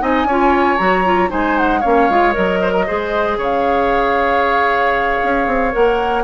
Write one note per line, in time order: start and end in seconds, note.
0.00 0.25 C4
0.00 0.26 D#4
0.00 0.27 D#5
0.00 0.77 G#5
0.25 0.77 C#4
0.25 0.79 F4
0.25 1.30 C#5
0.77 1.32 F#3
0.77 1.05 F#4
0.77 1.29 A#5
1.05 1.28 F4
1.28 1.84 G#3
1.28 1.81 D#4
1.28 1.80 C5
1.28 1.58 G#5
1.58 1.81 F#5
1.80 2.09 A#3
1.80 2.10 C#4
1.80 2.59 C#5
1.80 2.34 F5
2.09 2.35 G#3
2.09 2.33 F4
2.33 2.89 F#3
2.33 2.85 A#4
2.33 3.38 D#5
2.62 2.71 C5
2.71 2.84 A#4
2.87 3.37 G#3
2.87 5.72 G#4
2.87 3.38 C5
3.37 5.20 C#3
3.37 6.24 C#5
3.37 5.74 F5
5.23 5.47 C#4
5.47 5.73 C4
5.72 6.24 A#3
5.72 6.24 A#4
5.72 6.24 F#5